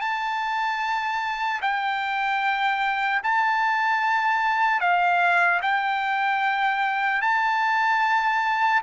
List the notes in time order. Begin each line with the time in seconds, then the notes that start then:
0.00 A5
1.61 G5
3.23 A5
4.80 F5
5.62 G5
7.21 A5